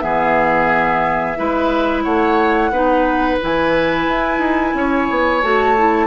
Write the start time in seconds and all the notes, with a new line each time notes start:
0.00 E3 B3 G#4 E5
1.37 G#3 E4 B4
2.03 A3 C#5 F#5
2.71 B3 D#4 B4
3.41 E3 E4 G#5
4.08 E4
4.39 D#4
4.74 C#4 C#5
5.10 B3
5.43 A3 F#4 A5
5.78 E4